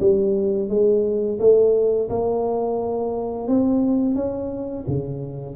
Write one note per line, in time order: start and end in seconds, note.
0.00 0.69 G3
0.69 1.39 G#3
1.39 2.09 A3
2.09 3.48 A#3
3.48 4.15 C4
4.15 4.85 C#4
4.87 5.56 C#3